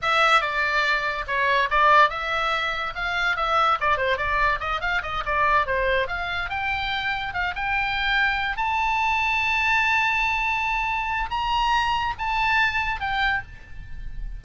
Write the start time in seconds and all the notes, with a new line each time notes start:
0.02 E5
0.41 D5
1.27 C#5
1.70 D5
2.09 E5
2.95 F5
3.36 E5
3.80 D5
3.97 C5
4.17 D5
4.59 D#5
4.80 F5
5.02 D#5
5.25 D5
5.66 C5
6.07 F5
6.49 G5
7.33 F5
7.55 G5
8.56 A5
11.30 A#5
12.18 A5
13.00 G5